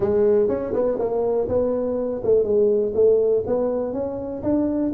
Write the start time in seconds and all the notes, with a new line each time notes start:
0.00 G#3
0.48 C#4
0.73 B3
0.98 A#3
1.48 B3
2.23 A3
2.43 G#3
2.94 A3
3.46 B3
3.93 C#4
4.42 D4